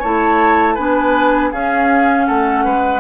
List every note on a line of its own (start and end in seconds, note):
0.00 0.78 A3
0.00 0.78 E4
0.00 0.75 C#5
0.00 0.77 A5
0.75 1.53 B3
0.75 1.52 D4
0.75 1.50 B4
0.75 1.52 G#5
1.52 3.01 C#4
1.52 2.28 C#4
1.52 2.27 G#4
1.52 2.27 F5
2.27 2.66 A3
2.27 2.64 A4
2.27 3.01 F#5
2.64 3.01 G#3
2.64 3.01 B4